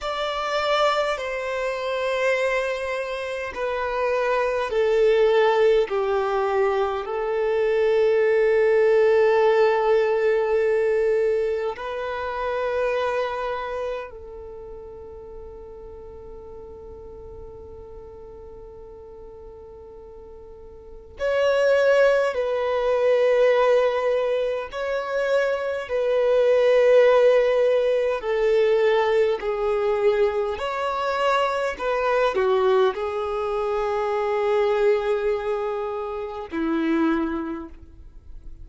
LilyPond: \new Staff \with { instrumentName = "violin" } { \time 4/4 \tempo 4 = 51 d''4 c''2 b'4 | a'4 g'4 a'2~ | a'2 b'2 | a'1~ |
a'2 cis''4 b'4~ | b'4 cis''4 b'2 | a'4 gis'4 cis''4 b'8 fis'8 | gis'2. e'4 | }